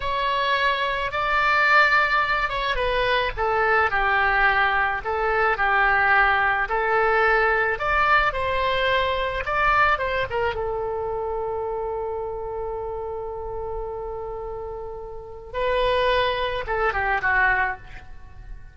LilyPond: \new Staff \with { instrumentName = "oboe" } { \time 4/4 \tempo 4 = 108 cis''2 d''2~ | d''8 cis''8 b'4 a'4 g'4~ | g'4 a'4 g'2 | a'2 d''4 c''4~ |
c''4 d''4 c''8 ais'8 a'4~ | a'1~ | a'1 | b'2 a'8 g'8 fis'4 | }